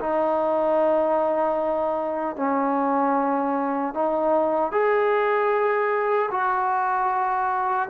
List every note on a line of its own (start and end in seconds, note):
0.00 2.36 D#4
2.36 3.94 C#4
3.94 4.72 D#4
4.72 6.29 G#4
6.31 7.89 F#4